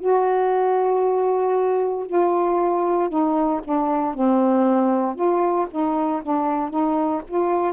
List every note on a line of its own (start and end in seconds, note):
0.00 2.07 F#4
2.07 3.10 F4
3.10 3.62 D#4
3.64 4.15 D4
4.15 5.15 C4
5.15 5.67 F4
5.71 6.23 D#4
6.23 6.71 D4
6.71 7.22 D#4
7.28 7.74 F4